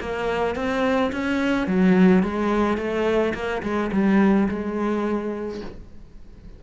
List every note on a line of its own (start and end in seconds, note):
0.00 0.55 A#3
0.55 1.11 C4
1.12 1.67 C#4
1.67 2.23 F#3
2.23 2.77 G#3
2.77 3.33 A3
3.34 3.62 A#3
3.63 3.91 G#3
3.92 4.48 G3
4.49 5.61 G#3